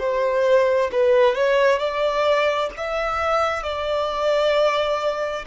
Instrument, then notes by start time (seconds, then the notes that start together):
violin
0.00 C5
0.92 B4
1.36 C#5
1.79 D5
2.77 E5
3.64 D5